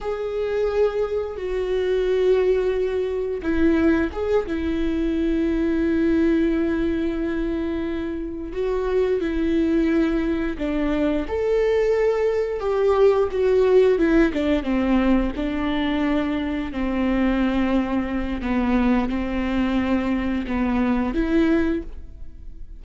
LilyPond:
\new Staff \with { instrumentName = "viola" } { \time 4/4 \tempo 4 = 88 gis'2 fis'2~ | fis'4 e'4 gis'8 e'4.~ | e'1~ | e'8 fis'4 e'2 d'8~ |
d'8 a'2 g'4 fis'8~ | fis'8 e'8 d'8 c'4 d'4.~ | d'8 c'2~ c'8 b4 | c'2 b4 e'4 | }